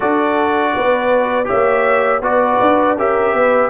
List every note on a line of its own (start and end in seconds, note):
0.00 0.75 D4
0.00 1.44 F#4
0.00 0.73 A4
0.00 1.48 D5
0.74 1.50 B3
0.74 1.47 B4
1.44 2.18 G4
1.44 2.21 C#5
1.44 2.23 E5
1.52 2.21 A#3
2.21 2.58 B3
2.21 2.97 F#4
2.21 2.98 B4
2.21 2.97 D5
2.60 2.97 D4
2.97 3.33 C#4
2.97 3.70 G4
2.97 3.35 A#4
2.97 3.70 E5
3.33 3.70 B3
3.33 3.70 B4